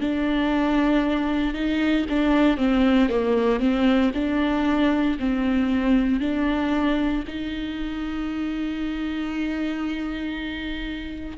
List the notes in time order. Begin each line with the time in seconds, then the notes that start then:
0.00 D4
1.54 D#4
2.09 D4
2.57 C4
3.09 A#3
3.59 C4
4.14 D4
5.19 C4
6.20 D4
7.27 D#4